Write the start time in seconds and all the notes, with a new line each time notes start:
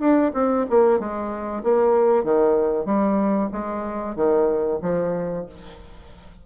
0.00 D4
0.34 C4
0.70 A#3
1.00 G#3
1.64 A#3
2.24 D#3
2.86 G3
3.53 G#3
4.16 D#3
4.82 F3